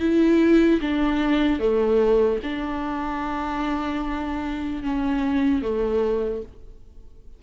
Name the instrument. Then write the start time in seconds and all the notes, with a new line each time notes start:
viola
0.00 E4
0.81 D4
1.60 A3
2.43 D4
4.83 C#4
5.62 A3